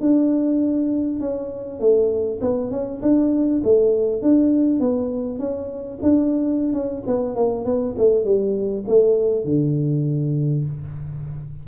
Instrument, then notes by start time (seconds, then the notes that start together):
tuba
0.00 D4
1.19 C#4
1.79 A3
2.41 B3
2.71 C#4
3.01 D4
3.63 A3
4.21 D4
4.79 B3
5.39 C#4
6.02 D4
6.73 C#4
7.06 B3
7.35 A#3
7.64 B3
7.97 A3
8.24 G3
8.87 A3
9.44 D3